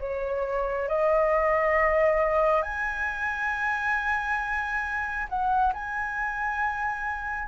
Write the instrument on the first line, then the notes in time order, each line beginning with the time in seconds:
flute
0.00 C#5
0.89 D#5
2.62 G#5
5.29 F#5
5.74 G#5